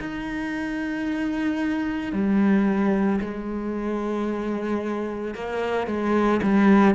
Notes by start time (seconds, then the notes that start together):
0.00 D#4
2.13 G3
3.21 G#3
5.35 A#3
5.87 G#3
6.43 G3